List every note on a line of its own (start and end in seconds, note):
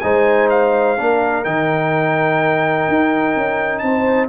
0.00 0.98 G#3
0.00 0.97 D#4
0.00 0.98 C5
0.00 0.48 G#5
0.49 1.44 F5
0.97 1.45 A#3
0.97 1.44 D4
0.97 3.84 A#4
1.44 2.88 D#3
1.44 4.28 D#4
1.44 3.78 G5
2.88 3.36 D#4
3.36 3.82 C#4
3.78 4.28 C4
3.78 4.26 A5
3.84 4.28 C5